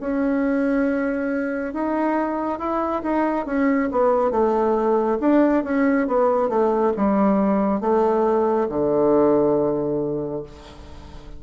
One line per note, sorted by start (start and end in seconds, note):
0.00 1.73 C#4
1.73 2.59 D#4
2.59 3.02 E4
3.02 3.46 D#4
3.46 3.89 C#4
3.91 4.31 B3
4.31 5.18 A3
5.20 5.64 D4
5.64 6.07 C#4
6.07 6.49 B3
6.49 6.92 A3
6.96 7.80 G3
7.80 8.67 A3
8.69 10.43 D3